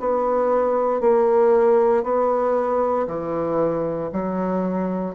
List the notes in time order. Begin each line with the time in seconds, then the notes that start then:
0.00 B3
1.01 A#3
2.04 B3
3.07 E3
4.13 F#3